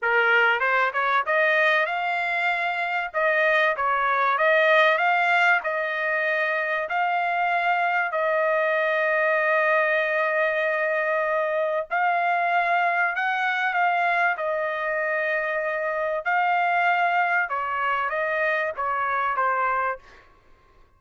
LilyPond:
\new Staff \with { instrumentName = "trumpet" } { \time 4/4 \tempo 4 = 96 ais'4 c''8 cis''8 dis''4 f''4~ | f''4 dis''4 cis''4 dis''4 | f''4 dis''2 f''4~ | f''4 dis''2.~ |
dis''2. f''4~ | f''4 fis''4 f''4 dis''4~ | dis''2 f''2 | cis''4 dis''4 cis''4 c''4 | }